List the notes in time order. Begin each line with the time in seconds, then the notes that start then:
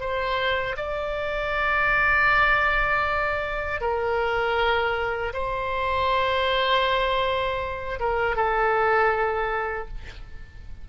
0.00 C5
0.77 D5
3.81 A#4
5.33 C5
8.00 A#4
8.36 A4